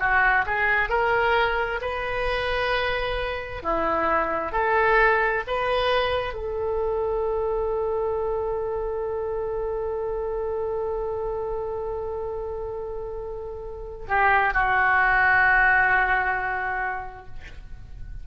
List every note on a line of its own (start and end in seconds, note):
0.00 0.45 F#4
0.46 0.89 G#4
0.89 1.80 A#4
1.81 3.63 B4
3.63 4.52 E4
4.52 5.43 A4
5.48 6.34 B4
6.34 14.07 A4
14.08 14.54 G4
14.54 17.26 F#4